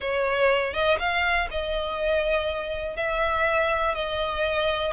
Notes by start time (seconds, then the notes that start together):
0.00 C#5
0.73 D#5
0.99 F5
1.50 D#5
2.96 E5
3.95 D#5